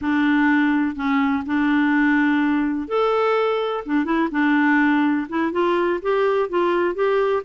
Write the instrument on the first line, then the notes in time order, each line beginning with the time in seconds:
clarinet
0.01 D4
0.95 C#4
1.46 D4
2.88 A4
3.85 D4
4.05 E4
4.31 D4
5.28 E4
5.52 F4
6.02 G4
6.49 F4
6.94 G4